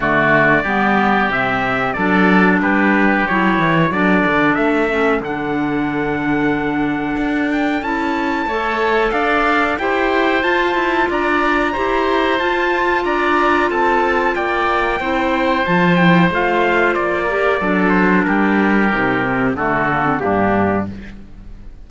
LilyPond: <<
  \new Staff \with { instrumentName = "trumpet" } { \time 4/4 \tempo 4 = 92 d''2 e''4 d''4 | b'4 cis''4 d''4 e''4 | fis''2.~ fis''8 g''8 | a''2 f''4 g''4 |
a''4 ais''2 a''4 | ais''4 a''4 g''2 | a''8 g''8 f''4 d''4. c''8 | ais'2 a'4 g'4 | }
  \new Staff \with { instrumentName = "oboe" } { \time 4/4 fis'4 g'2 a'4 | g'2 a'2~ | a'1~ | a'4 cis''4 d''4 c''4~ |
c''4 d''4 c''2 | d''4 a'4 d''4 c''4~ | c''2~ c''8 ais'8 a'4 | g'2 fis'4 d'4 | }
  \new Staff \with { instrumentName = "clarinet" } { \time 4/4 a4 b4 c'4 d'4~ | d'4 e'4 d'4. cis'8 | d'1 | e'4 a'2 g'4 |
f'2 g'4 f'4~ | f'2. e'4 | f'8 e'8 f'4. g'8 d'4~ | d'4 dis'8 c'8 a8 ais16 c'16 ais4 | }
  \new Staff \with { instrumentName = "cello" } { \time 4/4 d4 g4 c4 fis4 | g4 fis8 e8 fis8 d8 a4 | d2. d'4 | cis'4 a4 d'4 e'4 |
f'8 e'8 d'4 e'4 f'4 | d'4 c'4 ais4 c'4 | f4 a4 ais4 fis4 | g4 c4 d4 g,4 | }
>>